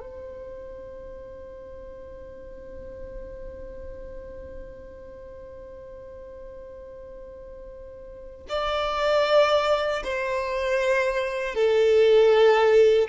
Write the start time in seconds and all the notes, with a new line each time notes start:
0.00 C5
8.49 D5
10.04 C5
11.55 A4